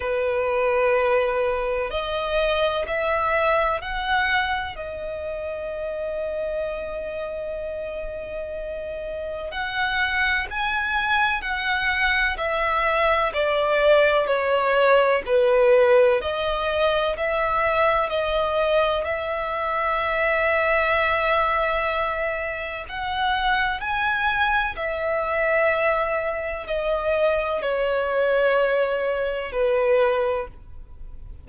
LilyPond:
\new Staff \with { instrumentName = "violin" } { \time 4/4 \tempo 4 = 63 b'2 dis''4 e''4 | fis''4 dis''2.~ | dis''2 fis''4 gis''4 | fis''4 e''4 d''4 cis''4 |
b'4 dis''4 e''4 dis''4 | e''1 | fis''4 gis''4 e''2 | dis''4 cis''2 b'4 | }